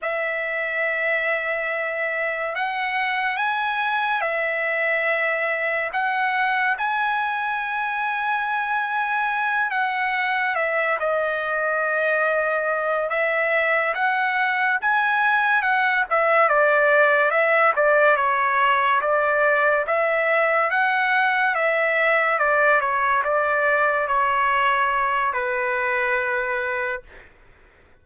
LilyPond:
\new Staff \with { instrumentName = "trumpet" } { \time 4/4 \tempo 4 = 71 e''2. fis''4 | gis''4 e''2 fis''4 | gis''2.~ gis''8 fis''8~ | fis''8 e''8 dis''2~ dis''8 e''8~ |
e''8 fis''4 gis''4 fis''8 e''8 d''8~ | d''8 e''8 d''8 cis''4 d''4 e''8~ | e''8 fis''4 e''4 d''8 cis''8 d''8~ | d''8 cis''4. b'2 | }